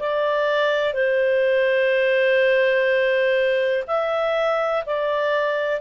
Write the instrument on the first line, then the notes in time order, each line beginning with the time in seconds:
clarinet
0.00 D5
0.94 C5
3.88 E5
4.86 D5